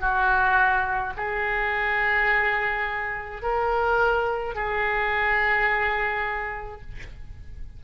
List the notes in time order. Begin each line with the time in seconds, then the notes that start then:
0.00 F#4
1.16 G#4
3.42 A#4
4.55 G#4